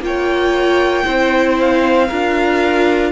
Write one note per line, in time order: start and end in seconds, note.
0.00 1.03 A#3
0.00 1.05 F4
0.00 1.60 G5
0.06 1.06 C#5
1.05 2.11 C4
1.05 2.08 E4
1.05 2.08 C5
1.61 3.13 F5
2.08 3.13 D4
2.08 3.13 F4
2.08 3.12 A#4